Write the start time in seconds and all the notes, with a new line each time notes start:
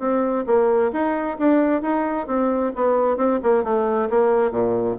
0.00 C4
0.47 A#3
0.93 D#4
1.39 D4
1.83 D#4
2.28 C4
2.76 B3
3.18 C4
3.44 A#3
3.64 A3
4.10 A#3
4.52 A#2